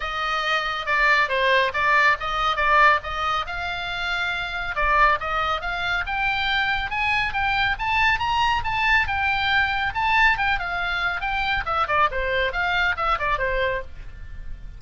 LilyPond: \new Staff \with { instrumentName = "oboe" } { \time 4/4 \tempo 4 = 139 dis''2 d''4 c''4 | d''4 dis''4 d''4 dis''4 | f''2. d''4 | dis''4 f''4 g''2 |
gis''4 g''4 a''4 ais''4 | a''4 g''2 a''4 | g''8 f''4. g''4 e''8 d''8 | c''4 f''4 e''8 d''8 c''4 | }